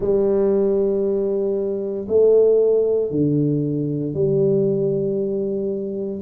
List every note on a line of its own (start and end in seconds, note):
0.00 2.07 G3
2.08 3.10 A3
3.10 4.14 D3
4.14 6.21 G3